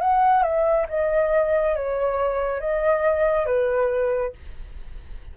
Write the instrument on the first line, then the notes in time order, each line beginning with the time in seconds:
flute
0.00 F#5
0.43 E5
0.89 D#5
1.75 C#5
2.60 D#5
3.46 B4